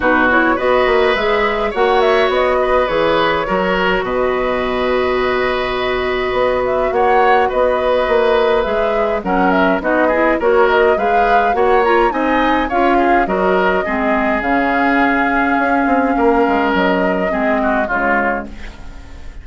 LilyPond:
<<
  \new Staff \with { instrumentName = "flute" } { \time 4/4 \tempo 4 = 104 b'8 cis''8 dis''4 e''4 fis''8 e''8 | dis''4 cis''2 dis''4~ | dis''2.~ dis''8 e''8 | fis''4 dis''2 e''4 |
fis''8 e''8 dis''4 cis''8 dis''8 f''4 | fis''8 ais''8 gis''4 f''4 dis''4~ | dis''4 f''2.~ | f''4 dis''2 cis''4 | }
  \new Staff \with { instrumentName = "oboe" } { \time 4/4 fis'4 b'2 cis''4~ | cis''8 b'4. ais'4 b'4~ | b'1 | cis''4 b'2. |
ais'4 fis'8 gis'8 ais'4 b'4 | cis''4 dis''4 cis''8 gis'8 ais'4 | gis'1 | ais'2 gis'8 fis'8 f'4 | }
  \new Staff \with { instrumentName = "clarinet" } { \time 4/4 dis'8 e'8 fis'4 gis'4 fis'4~ | fis'4 gis'4 fis'2~ | fis'1~ | fis'2. gis'4 |
cis'4 dis'8 e'8 fis'4 gis'4 | fis'8 f'8 dis'4 f'4 fis'4 | c'4 cis'2.~ | cis'2 c'4 gis4 | }
  \new Staff \with { instrumentName = "bassoon" } { \time 4/4 b,4 b8 ais8 gis4 ais4 | b4 e4 fis4 b,4~ | b,2. b4 | ais4 b4 ais4 gis4 |
fis4 b4 ais4 gis4 | ais4 c'4 cis'4 fis4 | gis4 cis2 cis'8 c'8 | ais8 gis8 fis4 gis4 cis4 | }
>>